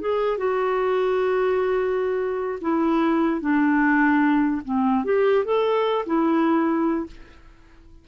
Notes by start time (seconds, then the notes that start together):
0.00 G#4
0.37 F#4
2.61 E4
3.40 D4
4.65 C4
5.04 G4
5.45 A4
6.05 E4